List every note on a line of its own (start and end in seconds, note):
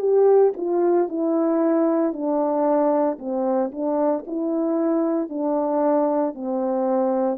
0.00 0.53 G4
0.57 1.09 F4
1.09 2.13 E4
2.13 3.18 D4
3.19 3.71 C4
3.72 4.24 D4
4.27 5.29 E4
5.29 6.34 D4
6.34 7.38 C4